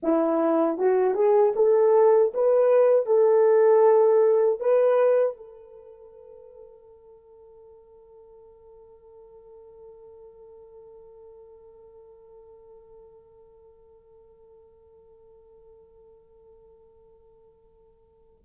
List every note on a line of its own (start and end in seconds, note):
0.02 0.78 E4
0.78 1.14 F#4
1.14 1.52 G#4
1.55 2.32 A4
2.34 3.06 B4
3.06 4.60 A4
4.60 5.37 B4
5.37 18.44 A4